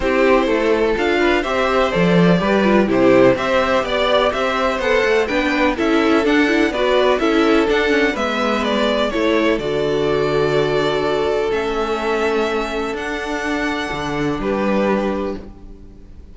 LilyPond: <<
  \new Staff \with { instrumentName = "violin" } { \time 4/4 \tempo 4 = 125 c''2 f''4 e''4 | d''2 c''4 e''4 | d''4 e''4 fis''4 g''4 | e''4 fis''4 d''4 e''4 |
fis''4 e''4 d''4 cis''4 | d''1 | e''2. fis''4~ | fis''2 b'2 | }
  \new Staff \with { instrumentName = "violin" } { \time 4/4 g'4 a'4. b'8 c''4~ | c''4 b'4 g'4 c''4 | d''4 c''2 b'4 | a'2 b'4 a'4~ |
a'4 b'2 a'4~ | a'1~ | a'1~ | a'2 g'2 | }
  \new Staff \with { instrumentName = "viola" } { \time 4/4 e'2 f'4 g'4 | a'4 g'8 f'8 e'4 g'4~ | g'2 a'4 d'4 | e'4 d'8 e'8 fis'4 e'4 |
d'8 cis'8 b2 e'4 | fis'1 | cis'2. d'4~ | d'1 | }
  \new Staff \with { instrumentName = "cello" } { \time 4/4 c'4 a4 d'4 c'4 | f4 g4 c4 c'4 | b4 c'4 b8 a8 b4 | cis'4 d'4 b4 cis'4 |
d'4 gis2 a4 | d1 | a2. d'4~ | d'4 d4 g2 | }
>>